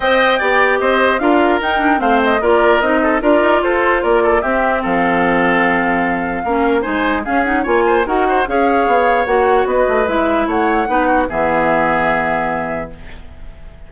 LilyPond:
<<
  \new Staff \with { instrumentName = "flute" } { \time 4/4 \tempo 4 = 149 g''2 dis''4 f''4 | g''4 f''8 dis''8 d''4 dis''4 | d''4 c''4 d''4 e''4 | f''1~ |
f''4 gis''4 f''8 fis''8 gis''4 | fis''4 f''2 fis''4 | dis''4 e''4 fis''2 | e''1 | }
  \new Staff \with { instrumentName = "oboe" } { \time 4/4 dis''4 d''4 c''4 ais'4~ | ais'4 c''4 ais'4. a'8 | ais'4 a'4 ais'8 a'8 g'4 | a'1 |
ais'4 c''4 gis'4 cis''8 c''8 | ais'8 c''8 cis''2. | b'2 cis''4 b'8 fis'8 | gis'1 | }
  \new Staff \with { instrumentName = "clarinet" } { \time 4/4 c''4 g'2 f'4 | dis'8 d'8 c'4 f'4 dis'4 | f'2. c'4~ | c'1 |
cis'4 dis'4 cis'8 dis'8 f'4 | fis'4 gis'2 fis'4~ | fis'4 e'2 dis'4 | b1 | }
  \new Staff \with { instrumentName = "bassoon" } { \time 4/4 c'4 b4 c'4 d'4 | dis'4 a4 ais4 c'4 | d'8 dis'8 f'4 ais4 c'4 | f1 |
ais4 gis4 cis'4 ais4 | dis'4 cis'4 b4 ais4 | b8 a8 gis4 a4 b4 | e1 | }
>>